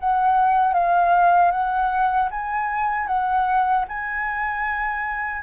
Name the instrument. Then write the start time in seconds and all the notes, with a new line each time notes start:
flute
0.00 F#5
0.74 F5
1.52 F#5
2.31 G#5
3.08 F#5
3.89 G#5